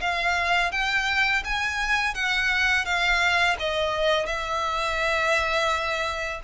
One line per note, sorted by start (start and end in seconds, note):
0.00 0.71 F5
0.71 1.43 G5
1.44 2.14 G#5
2.14 2.85 F#5
2.85 3.56 F5
3.59 4.26 D#5
4.26 6.40 E5